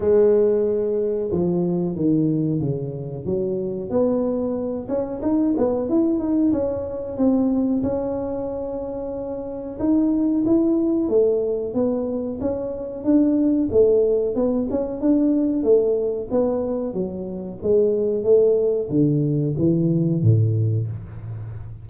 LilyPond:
\new Staff \with { instrumentName = "tuba" } { \time 4/4 \tempo 4 = 92 gis2 f4 dis4 | cis4 fis4 b4. cis'8 | dis'8 b8 e'8 dis'8 cis'4 c'4 | cis'2. dis'4 |
e'4 a4 b4 cis'4 | d'4 a4 b8 cis'8 d'4 | a4 b4 fis4 gis4 | a4 d4 e4 a,4 | }